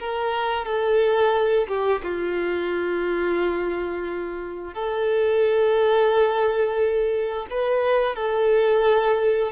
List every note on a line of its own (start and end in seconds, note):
0.00 0.65 A#4
0.65 1.68 A4
1.68 2.02 G4
2.03 4.74 F4
4.74 7.47 A4
7.50 8.16 B4
8.16 9.52 A4